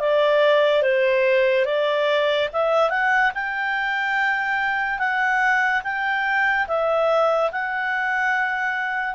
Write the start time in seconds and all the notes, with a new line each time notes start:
0.00 D5
0.83 C5
1.66 D5
2.53 E5
2.90 F#5
3.34 G5
4.99 F#5
5.84 G5
6.67 E5
7.52 F#5